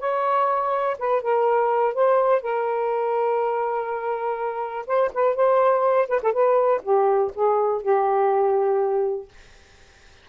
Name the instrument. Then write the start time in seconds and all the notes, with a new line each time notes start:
saxophone
0.00 C#5
0.99 B4
1.22 A#4
1.95 C5
2.42 A#4
4.87 C5
5.14 B4
5.36 C5
6.09 B4
6.23 A4
6.33 B4
6.83 G4
7.35 G#4
7.83 G4